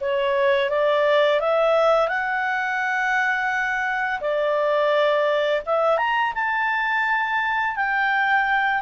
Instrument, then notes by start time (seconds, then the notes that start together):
clarinet
0.00 C#5
0.70 D5
1.40 E5
2.08 F#5
4.20 D5
5.66 E5
5.97 A#5
6.34 A5
7.76 G5